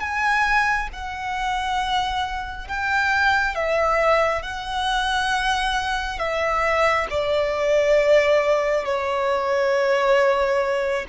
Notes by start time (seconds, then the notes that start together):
0.00 G#5
0.92 F#5
2.68 G5
3.55 E5
4.42 F#5
6.18 E5
7.10 D5
8.85 C#5